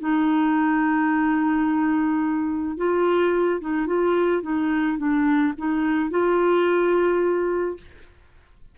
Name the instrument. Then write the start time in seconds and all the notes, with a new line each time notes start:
clarinet
0.00 D#4
2.78 F4
3.61 D#4
3.87 F4
4.42 D#4
4.98 D4
5.58 D#4
6.11 F4